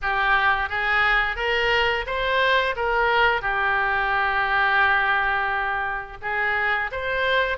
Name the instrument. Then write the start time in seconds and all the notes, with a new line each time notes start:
oboe
0.02 G4
0.69 G#4
1.36 A#4
2.06 C5
2.76 A#4
3.41 G4
6.21 G#4
6.91 C5